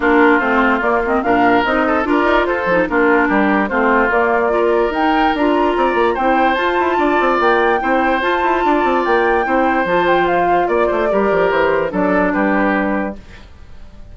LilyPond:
<<
  \new Staff \with { instrumentName = "flute" } { \time 4/4 \tempo 4 = 146 ais'4 c''4 d''8 dis''8 f''4 | dis''4 d''4 c''4 ais'4~ | ais'4 c''4 d''2 | g''4 ais''2 g''4 |
a''2 g''2 | a''2 g''2 | a''8 g''8 f''4 d''2 | c''4 d''4 b'2 | }
  \new Staff \with { instrumentName = "oboe" } { \time 4/4 f'2. ais'4~ | ais'8 a'8 ais'4 a'4 f'4 | g'4 f'2 ais'4~ | ais'2 d''4 c''4~ |
c''4 d''2 c''4~ | c''4 d''2 c''4~ | c''2 d''8 c''8 ais'4~ | ais'4 a'4 g'2 | }
  \new Staff \with { instrumentName = "clarinet" } { \time 4/4 d'4 c'4 ais8 c'8 d'4 | dis'4 f'4. dis'8 d'4~ | d'4 c'4 ais4 f'4 | dis'4 f'2 e'4 |
f'2. e'4 | f'2. e'4 | f'2. g'4~ | g'4 d'2. | }
  \new Staff \with { instrumentName = "bassoon" } { \time 4/4 ais4 a4 ais4 ais,4 | c'4 d'8 dis'8 f'8 f8 ais4 | g4 a4 ais2 | dis'4 d'4 c'8 ais8 c'4 |
f'8 e'8 d'8 c'8 ais4 c'4 | f'8 e'8 d'8 c'8 ais4 c'4 | f2 ais8 a8 g8 f8 | e4 fis4 g2 | }
>>